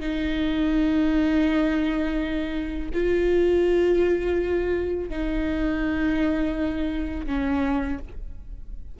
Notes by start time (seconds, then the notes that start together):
0.00 D#4
2.93 F4
5.10 D#4
7.26 C#4